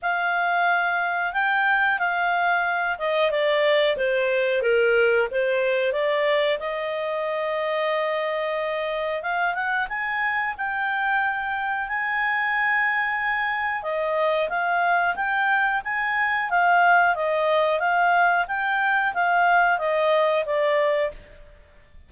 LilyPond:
\new Staff \with { instrumentName = "clarinet" } { \time 4/4 \tempo 4 = 91 f''2 g''4 f''4~ | f''8 dis''8 d''4 c''4 ais'4 | c''4 d''4 dis''2~ | dis''2 f''8 fis''8 gis''4 |
g''2 gis''2~ | gis''4 dis''4 f''4 g''4 | gis''4 f''4 dis''4 f''4 | g''4 f''4 dis''4 d''4 | }